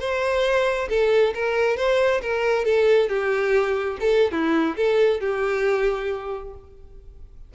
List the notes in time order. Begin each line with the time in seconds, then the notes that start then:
0.00 C5
0.90 A4
1.35 A#4
1.77 C5
2.23 A#4
2.65 A4
3.09 G4
4.00 A4
4.32 E4
4.77 A4
5.21 G4